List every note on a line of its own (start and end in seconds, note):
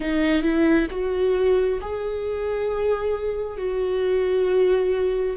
0.00 0.42 D#4
0.42 0.87 E4
0.90 1.80 F#4
1.81 3.57 G#4
3.57 5.36 F#4